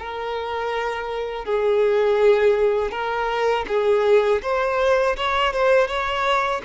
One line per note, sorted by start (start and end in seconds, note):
0.00 1.46 A#4
1.46 2.92 G#4
2.92 3.66 A#4
3.68 4.42 G#4
4.43 5.17 C5
5.17 5.54 C#5
5.54 5.88 C5
5.88 6.62 C#5